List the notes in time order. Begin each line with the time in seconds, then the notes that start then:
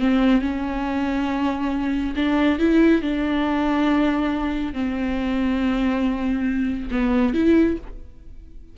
0.00 C4
0.42 C#4
2.16 D4
2.59 E4
3.02 D4
4.74 C4
6.92 B3
7.34 E4